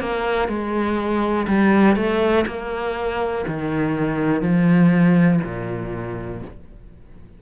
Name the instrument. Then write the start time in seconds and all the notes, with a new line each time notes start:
cello
0.00 A#3
0.48 G#3
1.48 G3
1.96 A3
2.47 A#3
3.47 D#3
4.41 F3
5.43 A#2